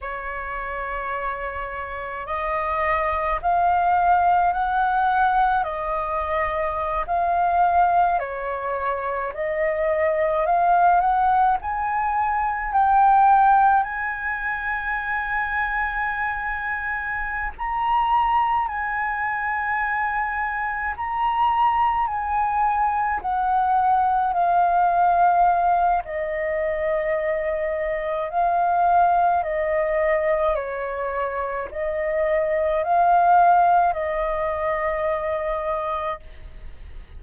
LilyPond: \new Staff \with { instrumentName = "flute" } { \time 4/4 \tempo 4 = 53 cis''2 dis''4 f''4 | fis''4 dis''4~ dis''16 f''4 cis''8.~ | cis''16 dis''4 f''8 fis''8 gis''4 g''8.~ | g''16 gis''2.~ gis''16 ais''8~ |
ais''8 gis''2 ais''4 gis''8~ | gis''8 fis''4 f''4. dis''4~ | dis''4 f''4 dis''4 cis''4 | dis''4 f''4 dis''2 | }